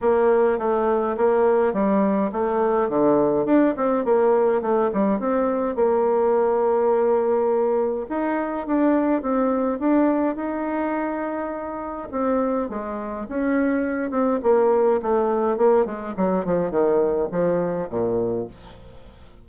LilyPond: \new Staff \with { instrumentName = "bassoon" } { \time 4/4 \tempo 4 = 104 ais4 a4 ais4 g4 | a4 d4 d'8 c'8 ais4 | a8 g8 c'4 ais2~ | ais2 dis'4 d'4 |
c'4 d'4 dis'2~ | dis'4 c'4 gis4 cis'4~ | cis'8 c'8 ais4 a4 ais8 gis8 | fis8 f8 dis4 f4 ais,4 | }